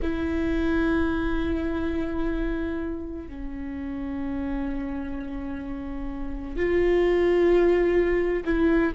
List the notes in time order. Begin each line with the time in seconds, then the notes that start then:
0.01 E4
3.28 C#4
6.56 F4
8.45 E4